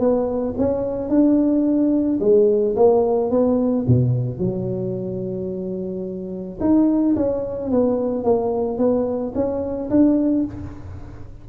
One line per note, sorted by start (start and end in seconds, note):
0.00 0.55 B3
0.59 1.10 C#4
1.10 2.20 D4
2.21 2.76 G#3
2.76 3.31 A#3
3.31 3.86 B3
3.88 4.39 B2
4.39 6.59 F#3
6.61 7.16 D#4
7.17 7.71 C#4
7.71 8.25 B3
8.25 8.78 A#3
8.78 9.34 B3
9.35 9.90 C#4
9.90 10.45 D4